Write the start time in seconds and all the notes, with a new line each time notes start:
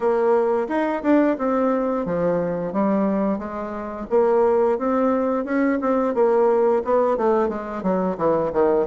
0.00 A#3
0.68 D#4
1.02 D4
1.38 C4
2.05 F3
2.72 G3
3.38 G#3
4.10 A#3
4.78 C4
5.45 C#4
5.81 C4
6.14 A#3
6.84 B3
7.17 A3
7.48 G#3
7.82 F#3
8.17 E3
8.52 D#3